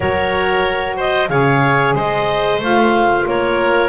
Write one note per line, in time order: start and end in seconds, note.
0.00 1.29 F#3
0.00 1.28 F#4
0.00 0.96 A#4
0.00 0.96 C#5
0.96 1.29 C5
0.96 1.29 D#5
1.29 1.95 C#3
1.29 2.59 G#4
1.29 1.95 C#5
1.29 1.94 F5
1.95 2.59 G#3
1.95 3.25 C5
1.95 2.62 D#5
2.59 3.24 A3
2.59 3.89 F4
2.59 3.27 F5
3.26 3.89 A#3
3.26 3.89 A#4
3.26 3.89 C#5